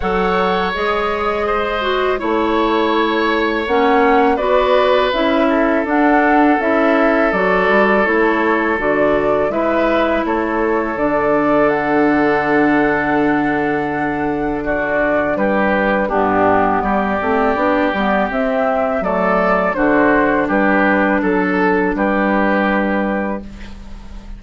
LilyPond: <<
  \new Staff \with { instrumentName = "flute" } { \time 4/4 \tempo 4 = 82 fis''4 dis''2 cis''4~ | cis''4 fis''4 d''4 e''4 | fis''4 e''4 d''4 cis''4 | d''4 e''4 cis''4 d''4 |
fis''1 | d''4 b'4 g'4 d''4~ | d''4 e''4 d''4 c''4 | b'4 a'4 b'2 | }
  \new Staff \with { instrumentName = "oboe" } { \time 4/4 cis''2 c''4 cis''4~ | cis''2 b'4. a'8~ | a'1~ | a'4 b'4 a'2~ |
a'1 | fis'4 g'4 d'4 g'4~ | g'2 a'4 fis'4 | g'4 a'4 g'2 | }
  \new Staff \with { instrumentName = "clarinet" } { \time 4/4 a'4 gis'4. fis'8 e'4~ | e'4 cis'4 fis'4 e'4 | d'4 e'4 fis'4 e'4 | fis'4 e'2 d'4~ |
d'1~ | d'2 b4. c'8 | d'8 b8 c'4 a4 d'4~ | d'1 | }
  \new Staff \with { instrumentName = "bassoon" } { \time 4/4 fis4 gis2 a4~ | a4 ais4 b4 cis'4 | d'4 cis'4 fis8 g8 a4 | d4 gis4 a4 d4~ |
d1~ | d4 g4 g,4 g8 a8 | b8 g8 c'4 fis4 d4 | g4 fis4 g2 | }
>>